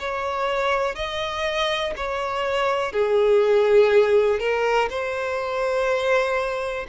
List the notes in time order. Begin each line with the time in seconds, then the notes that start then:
0.00 C#5
0.96 D#5
1.97 C#5
2.93 G#4
4.40 A#4
4.90 C5